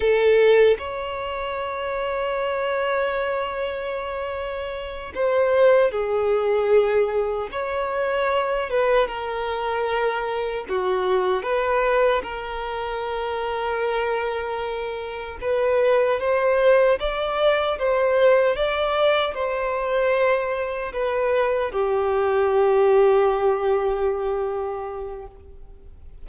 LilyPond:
\new Staff \with { instrumentName = "violin" } { \time 4/4 \tempo 4 = 76 a'4 cis''2.~ | cis''2~ cis''8 c''4 gis'8~ | gis'4. cis''4. b'8 ais'8~ | ais'4. fis'4 b'4 ais'8~ |
ais'2.~ ais'8 b'8~ | b'8 c''4 d''4 c''4 d''8~ | d''8 c''2 b'4 g'8~ | g'1 | }